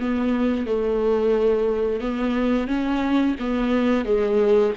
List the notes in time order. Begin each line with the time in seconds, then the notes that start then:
0.00 B3
0.67 A3
2.01 B3
2.67 C#4
3.40 B3
4.05 G#3